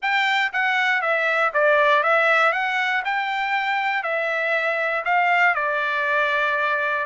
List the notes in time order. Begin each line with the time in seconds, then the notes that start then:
0.02 G5
0.52 F#5
1.01 E5
1.53 D5
2.03 E5
2.52 F#5
3.04 G5
4.03 E5
5.04 F5
5.55 D5